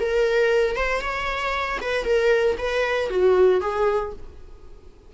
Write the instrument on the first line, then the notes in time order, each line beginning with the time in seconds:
viola
0.00 A#4
0.76 C5
1.01 C#5
1.81 B4
2.05 A#4
2.58 B4
3.10 F#4
3.61 G#4